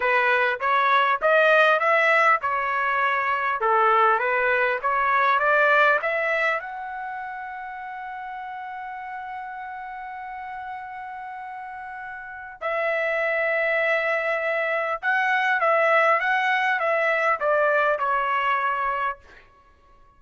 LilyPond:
\new Staff \with { instrumentName = "trumpet" } { \time 4/4 \tempo 4 = 100 b'4 cis''4 dis''4 e''4 | cis''2 a'4 b'4 | cis''4 d''4 e''4 fis''4~ | fis''1~ |
fis''1~ | fis''4 e''2.~ | e''4 fis''4 e''4 fis''4 | e''4 d''4 cis''2 | }